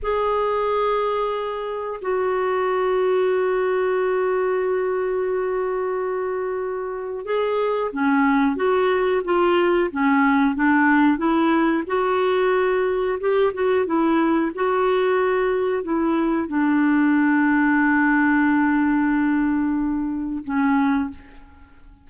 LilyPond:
\new Staff \with { instrumentName = "clarinet" } { \time 4/4 \tempo 4 = 91 gis'2. fis'4~ | fis'1~ | fis'2. gis'4 | cis'4 fis'4 f'4 cis'4 |
d'4 e'4 fis'2 | g'8 fis'8 e'4 fis'2 | e'4 d'2.~ | d'2. cis'4 | }